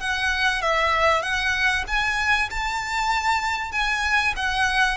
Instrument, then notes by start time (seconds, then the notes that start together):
violin
0.00 F#5
0.62 E5
1.22 F#5
1.88 G#5
2.50 A5
3.72 G#5
4.36 F#5